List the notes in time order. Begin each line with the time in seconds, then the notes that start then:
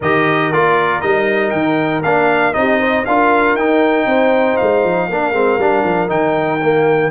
0.00 D#3 G4 A#4 D#5
0.52 A#3 F4 D5
1.01 G3 D#4 D#5
1.50 D#3 G5
2.03 A#3 D4 F5
2.53 C4 D#4 G4 D#5
2.80 C5
3.05 D4 F4 A#4 F5
3.54 D#4 G5
4.06 C4 C5
4.56 G#3 F5
4.83 F3
5.09 A#3 D4 A#4
5.32 G#3 C4
5.58 G3 D4
5.84 F3
6.08 D#3 D#4 G5
6.62 A#3